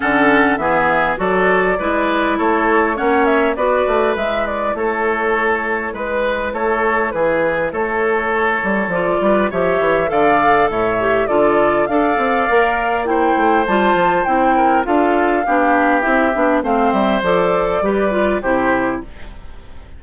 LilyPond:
<<
  \new Staff \with { instrumentName = "flute" } { \time 4/4 \tempo 4 = 101 fis''4 e''4 d''2 | cis''4 fis''8 e''8 d''4 e''8 d''8 | cis''2 b'4 cis''4 | b'4 cis''2 d''4 |
e''4 f''4 e''4 d''4 | f''2 g''4 a''4 | g''4 f''2 e''4 | f''8 e''8 d''2 c''4 | }
  \new Staff \with { instrumentName = "oboe" } { \time 4/4 a'4 gis'4 a'4 b'4 | a'4 cis''4 b'2 | a'2 b'4 a'4 | gis'4 a'2~ a'8 b'8 |
cis''4 d''4 cis''4 a'4 | d''2 c''2~ | c''8 ais'8 a'4 g'2 | c''2 b'4 g'4 | }
  \new Staff \with { instrumentName = "clarinet" } { \time 4/4 cis'4 b4 fis'4 e'4~ | e'4 cis'4 fis'4 e'4~ | e'1~ | e'2. f'4 |
g'4 a'4. g'8 f'4 | a'4 ais'4 e'4 f'4 | e'4 f'4 d'4 e'8 d'8 | c'4 a'4 g'8 f'8 e'4 | }
  \new Staff \with { instrumentName = "bassoon" } { \time 4/4 d4 e4 fis4 gis4 | a4 ais4 b8 a8 gis4 | a2 gis4 a4 | e4 a4. g8 f8 g8 |
f8 e8 d4 a,4 d4 | d'8 c'8 ais4. a8 g8 f8 | c'4 d'4 b4 c'8 b8 | a8 g8 f4 g4 c4 | }
>>